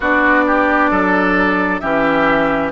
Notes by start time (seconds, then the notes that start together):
0.00 B3 D4 F#4 D5
0.46 G4
0.90 F#3 A4
1.80 E3 C#4 G4 E5